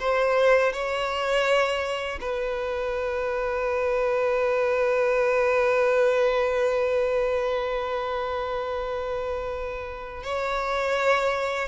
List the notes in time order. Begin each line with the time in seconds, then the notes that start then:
0.00 C5
0.73 C#5
2.21 B4
10.24 C#5